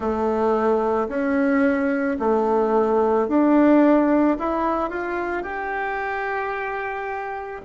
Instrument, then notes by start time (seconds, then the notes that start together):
bassoon
0.00 A3
1.08 C#4
2.19 A3
3.28 D4
4.38 E4
4.89 F4
5.42 G4